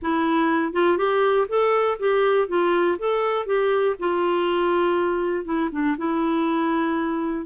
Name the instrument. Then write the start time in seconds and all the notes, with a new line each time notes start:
clarinet
0.02 E4
0.73 F4
0.97 G4
1.48 A4
1.99 G4
2.47 F4
2.98 A4
3.46 G4
3.99 F4
5.44 E4
5.71 D4
5.97 E4